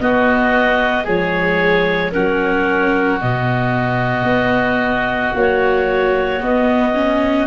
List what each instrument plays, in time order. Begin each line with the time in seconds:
0.00 viola B3, tuba B3, oboe F#4, clarinet D#5
1.04 tuba F3, viola G#3, oboe G#4, clarinet C#5
2.12 tuba F#3, viola C#4, oboe F#4, clarinet A#4
3.21 tuba B2, viola B3, clarinet D#5
4.23 tuba B3
5.34 viola F#3, tuba A#3, clarinet C#5
6.40 viola B3, tuba B3, clarinet D#5
6.95 viola C#4